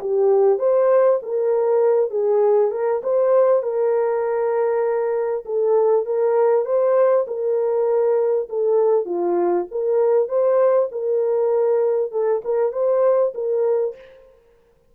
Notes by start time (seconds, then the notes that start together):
0.00 G4
0.58 C5
1.22 A#4
2.10 G#4
2.71 A#4
3.03 C5
3.62 A#4
5.45 A4
6.05 A#4
6.65 C5
7.27 A#4
8.49 A4
9.05 F4
9.71 A#4
10.28 C5
10.91 A#4
12.11 A4
12.44 A#4
12.72 C5
13.34 A#4